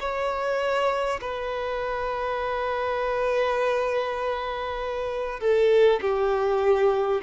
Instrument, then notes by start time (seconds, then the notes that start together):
violin
0.00 C#5
1.21 B4
5.41 A4
6.02 G4